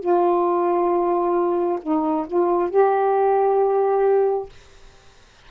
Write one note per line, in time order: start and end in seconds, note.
0.00 1.79 F4
1.82 2.27 D#4
2.28 2.70 F4
2.70 4.49 G4